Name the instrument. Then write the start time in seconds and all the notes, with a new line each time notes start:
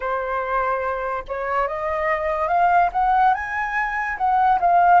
flute
0.00 C5
1.28 C#5
1.67 D#5
2.48 F5
2.92 F#5
3.33 G#5
4.17 F#5
4.59 F5